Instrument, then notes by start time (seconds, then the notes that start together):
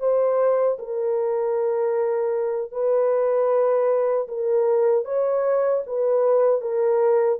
horn
0.00 C5
0.79 A#4
2.72 B4
4.28 A#4
5.05 C#5
5.87 B4
6.62 A#4